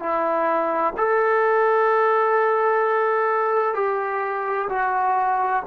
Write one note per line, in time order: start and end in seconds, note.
0.00 0.94 E4
0.98 3.75 A4
3.75 4.69 G4
4.70 5.63 F#4